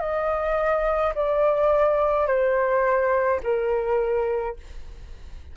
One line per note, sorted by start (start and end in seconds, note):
0.00 1.13 D#5
1.15 2.27 D5
2.27 3.41 C5
3.43 4.56 A#4